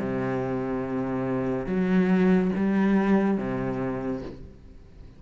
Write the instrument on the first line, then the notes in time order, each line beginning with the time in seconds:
cello
0.00 C3
1.67 F#3
2.56 G3
3.38 C3